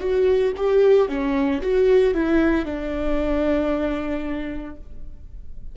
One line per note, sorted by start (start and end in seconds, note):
0.00 0.53 F#4
0.56 1.08 G4
1.08 1.61 C#4
1.61 2.13 F#4
2.13 2.65 E4
2.65 4.76 D4